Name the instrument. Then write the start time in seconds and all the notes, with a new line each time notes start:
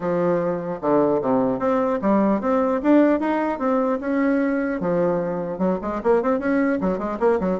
bassoon
0.00 F3
0.81 D3
1.21 C3
1.59 C4
2.01 G3
2.40 C4
2.82 D4
3.19 D#4
3.59 C4
4.00 C#4
4.80 F3
5.58 F#3
5.81 G#3
6.03 A#3
6.22 C4
6.39 C#4
6.81 F#3
6.98 G#3
7.19 A#3
7.39 F#3